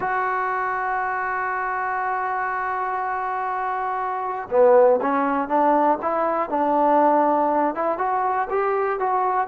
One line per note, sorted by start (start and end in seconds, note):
0.00 4.49 F#4
4.50 5.00 B3
5.01 5.48 C#4
5.48 5.98 D4
6.01 6.49 E4
6.49 7.74 D4
7.75 7.97 E4
7.97 8.47 F#4
8.50 8.99 G4
8.99 9.47 F#4